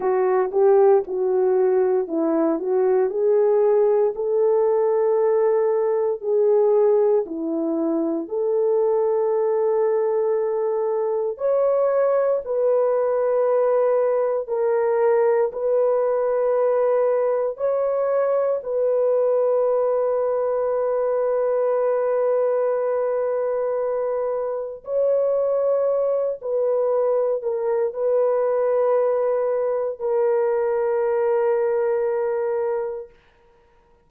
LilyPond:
\new Staff \with { instrumentName = "horn" } { \time 4/4 \tempo 4 = 58 fis'8 g'8 fis'4 e'8 fis'8 gis'4 | a'2 gis'4 e'4 | a'2. cis''4 | b'2 ais'4 b'4~ |
b'4 cis''4 b'2~ | b'1 | cis''4. b'4 ais'8 b'4~ | b'4 ais'2. | }